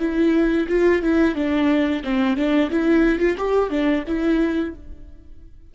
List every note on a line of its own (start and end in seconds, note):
0.00 0.67 E4
0.69 1.02 F4
1.02 1.35 E4
1.35 2.03 D4
2.04 2.37 C4
2.37 2.71 D4
2.71 3.20 E4
3.20 3.36 F4
3.38 3.70 G4
3.70 4.04 D4
4.08 4.75 E4